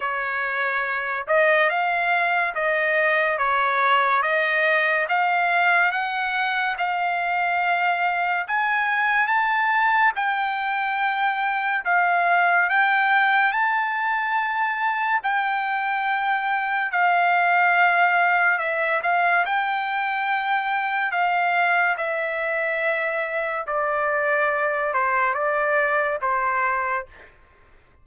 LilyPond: \new Staff \with { instrumentName = "trumpet" } { \time 4/4 \tempo 4 = 71 cis''4. dis''8 f''4 dis''4 | cis''4 dis''4 f''4 fis''4 | f''2 gis''4 a''4 | g''2 f''4 g''4 |
a''2 g''2 | f''2 e''8 f''8 g''4~ | g''4 f''4 e''2 | d''4. c''8 d''4 c''4 | }